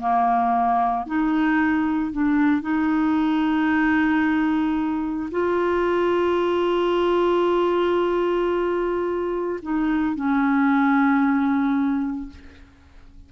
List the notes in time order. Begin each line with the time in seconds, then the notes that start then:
0.00 A#3
1.06 D#4
2.12 D4
2.62 D#4
5.31 F4
9.62 D#4
10.15 C#4